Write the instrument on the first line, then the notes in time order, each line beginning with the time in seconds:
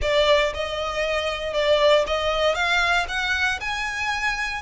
violin
0.01 D5
0.54 D#5
1.53 D5
2.07 D#5
2.55 F5
3.08 F#5
3.60 G#5